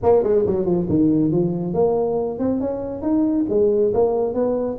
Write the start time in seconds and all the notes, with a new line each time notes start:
0.02 A#3
0.23 G#3
0.46 F#3
0.65 F3
0.89 D#3
1.31 F3
1.73 A#3
2.38 C4
2.60 C#4
3.02 D#4
3.49 G#3
3.93 A#3
4.34 B3